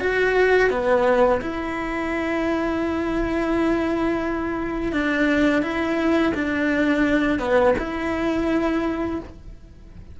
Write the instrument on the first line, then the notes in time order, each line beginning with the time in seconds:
cello
0.00 F#4
0.70 B3
1.41 E4
4.93 D4
5.62 E4
6.35 D4
7.39 B3
7.78 E4